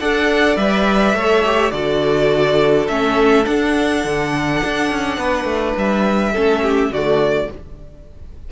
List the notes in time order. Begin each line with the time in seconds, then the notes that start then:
0.00 D4 A4 D5 F#5
0.56 G3 B4 E5
1.14 A3 A4 C#5
1.45 G4
1.71 D3 F#4 A4 D5
2.88 A3 C#4 E5
3.44 D4 F#5
4.04 D3
4.64 D4
4.91 C#4
5.18 B3 B4
5.44 A3
5.77 G3 E5
6.33 A3 C#4 A4
6.62 G4
6.90 D3 A3 F#4 D5